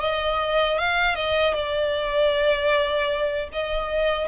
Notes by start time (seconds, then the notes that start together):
0.00 D#5
0.78 F5
1.15 D#5
1.54 D5
3.52 D#5